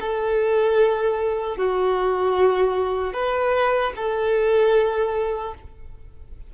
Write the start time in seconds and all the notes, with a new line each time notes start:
0.00 A4
1.57 F#4
3.13 B4
3.96 A4